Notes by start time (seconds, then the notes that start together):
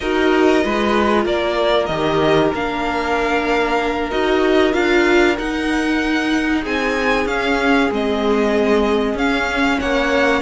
0.00 D#4 F#4 A#4 D#5
0.62 G#3 F4 B4
1.24 A#3 A#4 D5
1.86 D#3 G4 D#5
2.54 A#3 D4 F5
4.10 D#4 F#4 D#5
4.72 D4 F4 F5
5.37 D#4 F#5
6.62 C4 G#4 G#5
7.25 C#4 F5
7.91 G#3 C4 D#5
9.14 C#4 F5
9.80 A#3 C#5 F#5